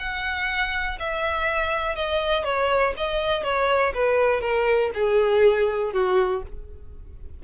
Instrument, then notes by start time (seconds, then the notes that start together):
violin
0.00 F#5
1.00 E5
1.96 D#5
2.45 C#5
2.97 D#5
3.44 C#5
3.95 B4
4.42 A#4
4.95 G#4
5.93 F#4